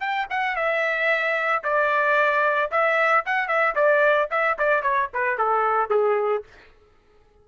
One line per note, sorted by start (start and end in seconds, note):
0.00 0.27 G5
0.30 0.56 F#5
0.56 1.63 E5
1.64 2.71 D5
2.71 3.25 E5
3.26 3.48 F#5
3.48 3.75 E5
3.75 4.29 D5
4.31 4.58 E5
4.59 4.83 D5
4.83 5.09 C#5
5.14 5.38 B4
5.38 5.90 A4
5.90 6.44 G#4